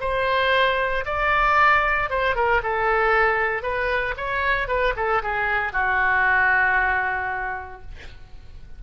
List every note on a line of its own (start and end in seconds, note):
0.00 1.04 C5
1.05 2.09 D5
2.09 2.35 C5
2.35 2.61 A#4
2.63 3.62 A4
3.62 4.14 B4
4.17 4.67 C#5
4.67 4.94 B4
4.96 5.22 A4
5.22 5.72 G#4
5.72 7.81 F#4